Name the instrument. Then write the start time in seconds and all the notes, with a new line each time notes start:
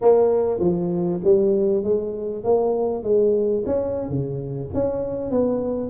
tuba
0.01 A#3
0.59 F3
1.24 G3
1.83 G#3
2.44 A#3
3.03 G#3
3.66 C#4
4.09 C#3
4.74 C#4
5.30 B3